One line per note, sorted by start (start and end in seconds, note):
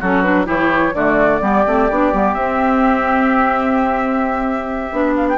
0.00 0.48 F#3
0.00 0.24 C#4
0.00 0.46 F#4
0.00 0.22 A4
0.22 0.46 D4
0.22 0.46 B4
0.46 0.94 E3
0.46 0.92 E4
0.46 0.93 G4
0.46 0.95 C#5
0.94 1.41 D3
0.94 1.41 A3
0.94 1.42 F#4
0.94 2.34 D5
1.41 1.65 G3
1.41 1.65 B3
1.41 5.38 G4
1.66 1.90 A3
1.66 1.90 C4
1.90 2.13 B3
1.90 2.12 D4
2.12 2.35 G3
2.12 2.34 B3
2.34 4.92 C4
2.34 5.16 E5
4.92 5.38 B3
4.92 5.38 D4
5.16 5.28 F5
5.29 5.38 G5